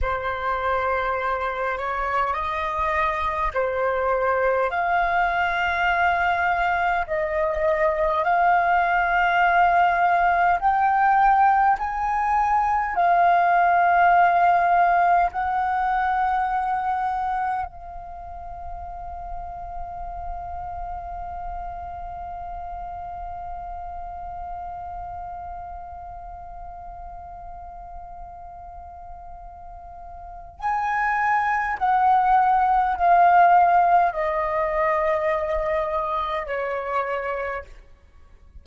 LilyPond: \new Staff \with { instrumentName = "flute" } { \time 4/4 \tempo 4 = 51 c''4. cis''8 dis''4 c''4 | f''2 dis''4 f''4~ | f''4 g''4 gis''4 f''4~ | f''4 fis''2 f''4~ |
f''1~ | f''1~ | f''2 gis''4 fis''4 | f''4 dis''2 cis''4 | }